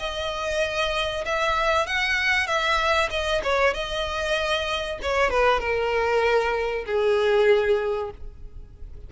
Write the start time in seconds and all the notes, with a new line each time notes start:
0.00 D#5
1.26 E5
1.87 F#5
2.47 E5
3.11 D#5
3.44 C#5
3.74 D#5
5.03 C#5
5.31 B4
5.61 A#4
6.86 G#4